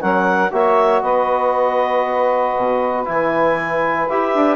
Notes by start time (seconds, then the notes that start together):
0.00 F#3 C#4 A#4 F#5
0.51 A#3 F#4 C#5 E5
1.01 B3 B4 D#5
2.56 B2
3.05 E3 E4 G#5
4.09 E4 G4 E5
4.34 D4